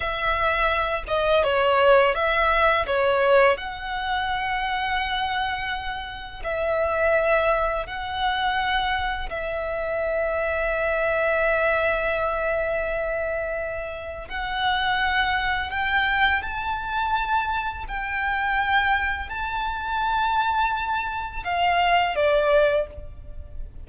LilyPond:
\new Staff \with { instrumentName = "violin" } { \time 4/4 \tempo 4 = 84 e''4. dis''8 cis''4 e''4 | cis''4 fis''2.~ | fis''4 e''2 fis''4~ | fis''4 e''2.~ |
e''1 | fis''2 g''4 a''4~ | a''4 g''2 a''4~ | a''2 f''4 d''4 | }